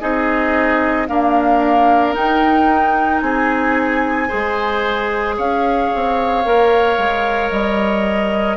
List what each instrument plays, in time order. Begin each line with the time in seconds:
0.00 bassoon C4, clarinet D#4, oboe G#4, flute D#5
1.07 clarinet A#3, bassoon D4, oboe A#4, flute F5
2.13 clarinet D#4, bassoon D#4, flute G5
3.20 bassoon C4, oboe G#4, flute G#5
4.28 bassoon G#3, clarinet G#4, oboe C5
5.37 bassoon C#4, oboe C#5, flute F5
5.94 bassoon C4
6.45 bassoon A#3, clarinet A#4
6.97 bassoon G#3
7.50 bassoon G3, flute D#5